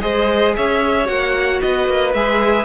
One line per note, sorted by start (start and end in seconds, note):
0.00 0.56 G#3
0.00 1.05 G#4
0.00 0.56 C5
0.00 0.55 D#5
0.56 1.08 C#4
0.56 1.62 C#5
0.56 1.07 E5
1.05 1.61 A#3
1.05 2.11 F#4
1.05 1.60 F#5
1.61 1.88 B3
1.61 2.65 B4
1.61 2.13 D#5
1.88 2.14 A#3
2.13 2.65 G#3
2.13 2.65 G#4
2.13 2.65 E5